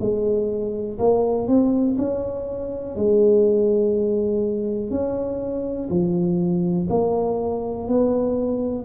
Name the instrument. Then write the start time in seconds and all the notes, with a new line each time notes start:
tuba
0.00 G#3
0.99 A#3
1.48 C4
1.97 C#4
2.96 G#3
4.90 C#4
5.90 F3
6.89 A#3
7.88 B3